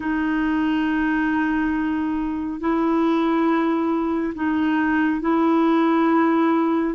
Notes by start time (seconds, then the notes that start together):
0.00 D#4
2.59 E4
4.34 D#4
5.21 E4